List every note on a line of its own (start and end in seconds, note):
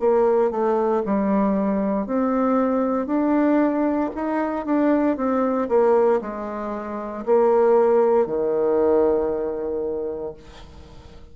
0.00 0.51 A#3
0.51 1.03 A3
1.06 2.06 G3
2.06 3.07 C4
3.07 4.10 D4
4.16 4.66 D#4
4.66 5.17 D4
5.17 5.69 C4
5.69 6.21 A#3
6.21 7.25 G#3
7.26 8.27 A#3
8.27 10.34 D#3